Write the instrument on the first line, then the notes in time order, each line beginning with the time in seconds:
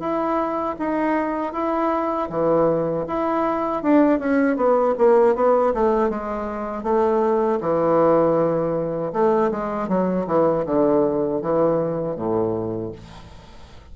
bassoon
0.00 E4
0.79 D#4
1.53 E4
2.30 E3
3.08 E4
3.83 D4
4.20 C#4
4.57 B3
4.99 A#3
5.36 B3
5.74 A3
6.10 G#3
6.84 A3
7.61 E3
9.13 A3
9.51 G#3
9.89 F#3
10.27 E3
10.66 D3
11.42 E3
12.17 A2